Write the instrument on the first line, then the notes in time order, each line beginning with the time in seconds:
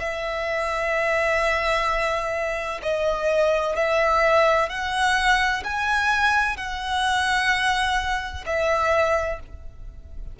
violin
0.00 E5
2.83 D#5
3.76 E5
4.70 F#5
5.65 G#5
6.58 F#5
8.46 E5